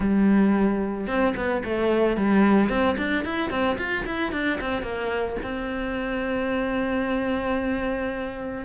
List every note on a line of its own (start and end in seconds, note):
0.00 1.07 G3
1.07 1.34 C4
1.36 1.63 B3
1.64 2.16 A3
2.16 2.69 G3
2.69 2.96 C4
2.97 3.24 D4
3.24 3.50 E4
3.50 3.77 C4
3.77 4.04 F4
4.06 4.32 E4
4.32 4.59 D4
4.61 4.82 C4
4.82 5.36 A#3
5.43 8.65 C4